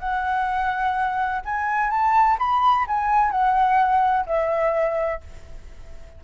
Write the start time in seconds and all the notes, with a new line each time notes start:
0.00 F#5
1.45 G#5
1.91 A5
2.39 B5
2.88 G#5
3.31 F#5
4.27 E5